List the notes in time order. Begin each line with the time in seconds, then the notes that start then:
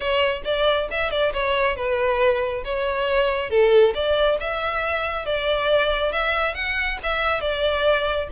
0.00 C#5
0.44 D5
0.90 E5
1.10 D5
1.33 C#5
1.76 B4
2.64 C#5
3.50 A4
3.94 D5
4.40 E5
5.25 D5
6.12 E5
6.54 F#5
7.03 E5
7.40 D5